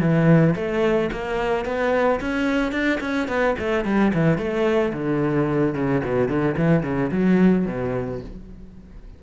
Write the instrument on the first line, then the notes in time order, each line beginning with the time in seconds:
cello
0.00 E3
0.56 A3
1.12 A#3
1.65 B3
2.20 C#4
2.72 D4
3.00 C#4
3.28 B3
3.59 A3
3.85 G3
4.14 E3
4.38 A3
4.93 D3
5.74 C#3
6.04 B2
6.28 D3
6.57 E3
6.83 C#3
7.12 F#3
7.66 B2